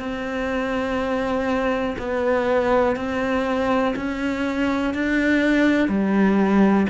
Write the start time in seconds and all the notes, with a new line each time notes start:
0.00 C4
1.99 B3
2.96 C4
3.97 C#4
4.94 D4
5.89 G3